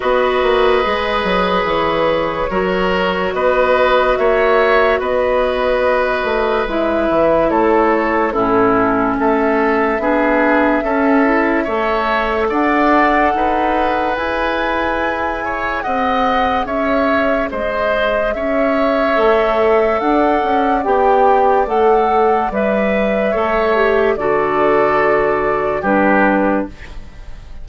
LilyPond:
<<
  \new Staff \with { instrumentName = "flute" } { \time 4/4 \tempo 4 = 72 dis''2 cis''2 | dis''4 e''4 dis''2 | e''4 cis''4 a'4 e''4~ | e''2. fis''4~ |
fis''4 gis''2 fis''4 | e''4 dis''4 e''2 | fis''4 g''4 fis''4 e''4~ | e''4 d''2 b'4 | }
  \new Staff \with { instrumentName = "oboe" } { \time 4/4 b'2. ais'4 | b'4 cis''4 b'2~ | b'4 a'4 e'4 a'4 | gis'4 a'4 cis''4 d''4 |
b'2~ b'8 cis''8 dis''4 | cis''4 c''4 cis''2 | d''1 | cis''4 a'2 g'4 | }
  \new Staff \with { instrumentName = "clarinet" } { \time 4/4 fis'4 gis'2 fis'4~ | fis'1 | e'2 cis'2 | d'4 cis'8 e'8 a'2~ |
a'4 gis'2.~ | gis'2. a'4~ | a'4 g'4 a'4 b'4 | a'8 g'8 fis'2 d'4 | }
  \new Staff \with { instrumentName = "bassoon" } { \time 4/4 b8 ais8 gis8 fis8 e4 fis4 | b4 ais4 b4. a8 | gis8 e8 a4 a,4 a4 | b4 cis'4 a4 d'4 |
dis'4 e'2 c'4 | cis'4 gis4 cis'4 a4 | d'8 cis'8 b4 a4 g4 | a4 d2 g4 | }
>>